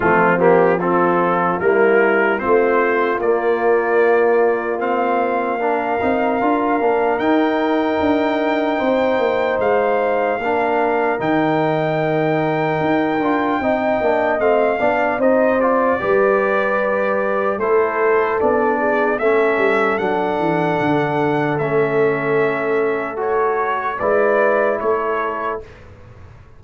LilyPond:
<<
  \new Staff \with { instrumentName = "trumpet" } { \time 4/4 \tempo 4 = 75 f'8 g'8 a'4 ais'4 c''4 | d''2 f''2~ | f''4 g''2. | f''2 g''2~ |
g''2 f''4 dis''8 d''8~ | d''2 c''4 d''4 | e''4 fis''2 e''4~ | e''4 cis''4 d''4 cis''4 | }
  \new Staff \with { instrumentName = "horn" } { \time 4/4 c'4 f'4 e'4 f'4~ | f'2. ais'4~ | ais'2. c''4~ | c''4 ais'2.~ |
ais'4 dis''4. d''8 c''4 | b'2 a'4. gis'8 | a'1~ | a'2 b'4 a'4 | }
  \new Staff \with { instrumentName = "trombone" } { \time 4/4 a8 ais8 c'4 ais4 c'4 | ais2 c'4 d'8 dis'8 | f'8 d'8 dis'2.~ | dis'4 d'4 dis'2~ |
dis'8 f'8 dis'8 d'8 c'8 d'8 dis'8 f'8 | g'2 e'4 d'4 | cis'4 d'2 cis'4~ | cis'4 fis'4 e'2 | }
  \new Staff \with { instrumentName = "tuba" } { \time 4/4 f2 g4 a4 | ais2.~ ais8 c'8 | d'8 ais8 dis'4 d'4 c'8 ais8 | gis4 ais4 dis2 |
dis'8 d'8 c'8 ais8 a8 b8 c'4 | g2 a4 b4 | a8 g8 fis8 e8 d4 a4~ | a2 gis4 a4 | }
>>